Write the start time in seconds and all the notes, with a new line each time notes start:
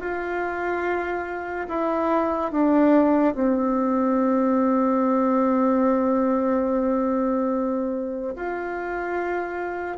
0.00 F4
1.68 E4
2.51 D4
3.34 C4
8.35 F4